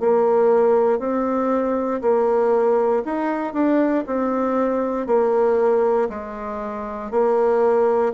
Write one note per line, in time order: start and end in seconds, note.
0.00 0.99 A#3
0.99 2.01 C4
2.02 3.03 A#3
3.05 3.54 D#4
3.54 4.04 D4
4.07 5.07 C4
5.07 6.09 A#3
6.10 7.11 G#3
7.11 8.13 A#3